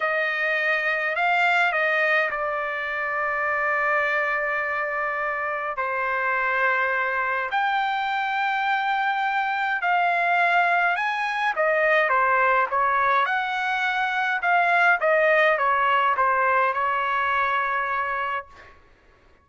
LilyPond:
\new Staff \with { instrumentName = "trumpet" } { \time 4/4 \tempo 4 = 104 dis''2 f''4 dis''4 | d''1~ | d''2 c''2~ | c''4 g''2.~ |
g''4 f''2 gis''4 | dis''4 c''4 cis''4 fis''4~ | fis''4 f''4 dis''4 cis''4 | c''4 cis''2. | }